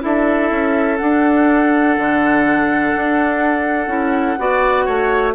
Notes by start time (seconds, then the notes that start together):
0.00 D4 E4 A4 E5
0.51 C#4
0.97 D4 F#5
1.97 D3
2.95 D4
3.87 C#4 E4
4.38 B3 F#4 D5
4.85 A3 C#5